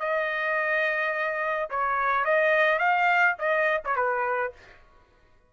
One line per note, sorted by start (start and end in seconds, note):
0.00 1.70 D#5
1.70 2.25 C#5
2.25 2.79 D#5
2.79 3.36 F5
3.39 3.82 D#5
3.85 3.96 C#5
3.96 4.53 B4